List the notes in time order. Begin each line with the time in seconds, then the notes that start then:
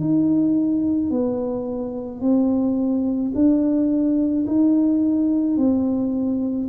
0.00 D#4
1.11 B3
2.21 C4
3.35 D4
4.46 D#4
5.57 C4